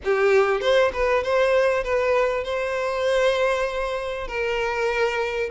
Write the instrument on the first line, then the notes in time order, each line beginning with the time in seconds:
violin
0.04 G4
0.61 C5
0.93 B4
1.23 C5
1.83 B4
2.44 C5
4.27 A#4